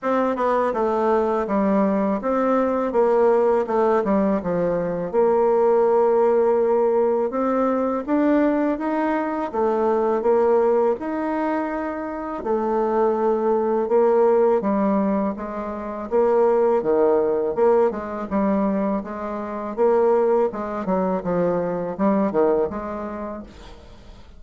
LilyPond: \new Staff \with { instrumentName = "bassoon" } { \time 4/4 \tempo 4 = 82 c'8 b8 a4 g4 c'4 | ais4 a8 g8 f4 ais4~ | ais2 c'4 d'4 | dis'4 a4 ais4 dis'4~ |
dis'4 a2 ais4 | g4 gis4 ais4 dis4 | ais8 gis8 g4 gis4 ais4 | gis8 fis8 f4 g8 dis8 gis4 | }